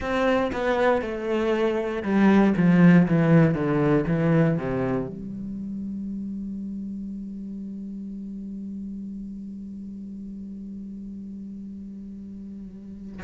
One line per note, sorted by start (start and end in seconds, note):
0.00 0.51 C4
0.52 1.01 B3
1.01 2.02 A3
2.02 2.53 G3
2.57 3.07 F3
3.07 3.54 E3
3.54 4.04 D3
4.07 4.58 E3
4.58 5.08 C3
5.08 13.21 G3